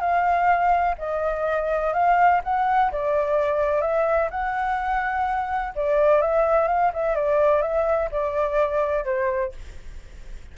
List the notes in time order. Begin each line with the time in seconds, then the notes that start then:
0.00 F5
0.98 D#5
1.93 F5
2.43 F#5
2.91 D5
3.81 E5
4.30 F#5
5.75 D5
6.21 E5
6.67 F5
6.93 E5
7.15 D5
7.61 E5
8.11 D5
9.04 C5